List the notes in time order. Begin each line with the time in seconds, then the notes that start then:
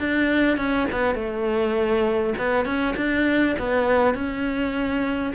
0.00 D4
0.57 C#4
0.92 B3
1.15 A3
2.38 B3
2.65 C#4
2.97 D4
3.59 B3
4.15 C#4